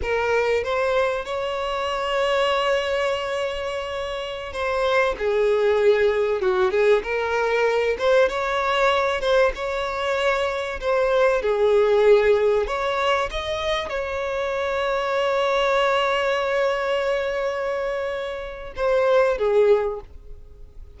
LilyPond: \new Staff \with { instrumentName = "violin" } { \time 4/4 \tempo 4 = 96 ais'4 c''4 cis''2~ | cis''2.~ cis''16 c''8.~ | c''16 gis'2 fis'8 gis'8 ais'8.~ | ais'8. c''8 cis''4. c''8 cis''8.~ |
cis''4~ cis''16 c''4 gis'4.~ gis'16~ | gis'16 cis''4 dis''4 cis''4.~ cis''16~ | cis''1~ | cis''2 c''4 gis'4 | }